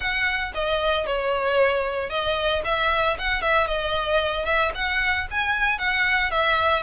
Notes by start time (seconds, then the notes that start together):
0.00 F#5
0.54 D#5
1.06 C#5
2.09 D#5
2.64 E5
3.18 F#5
3.41 E5
3.67 D#5
4.45 E5
4.74 F#5
5.30 G#5
5.78 F#5
6.30 E5